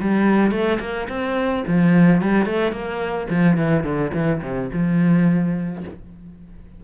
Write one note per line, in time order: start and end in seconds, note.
0.00 0.51 G3
0.51 0.79 A3
0.80 1.07 A#3
1.09 1.64 C4
1.67 2.21 F3
2.21 2.45 G3
2.45 2.72 A3
2.72 3.27 A#3
3.29 3.57 F3
3.57 3.83 E3
3.83 4.11 D3
4.13 4.41 E3
4.42 4.70 C3
4.72 5.84 F3